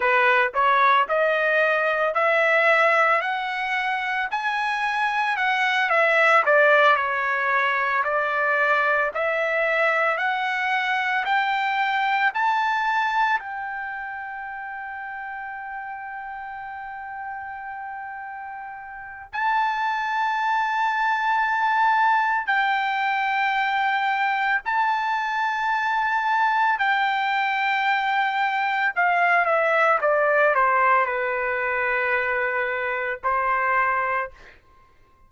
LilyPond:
\new Staff \with { instrumentName = "trumpet" } { \time 4/4 \tempo 4 = 56 b'8 cis''8 dis''4 e''4 fis''4 | gis''4 fis''8 e''8 d''8 cis''4 d''8~ | d''8 e''4 fis''4 g''4 a''8~ | a''8 g''2.~ g''8~ |
g''2 a''2~ | a''4 g''2 a''4~ | a''4 g''2 f''8 e''8 | d''8 c''8 b'2 c''4 | }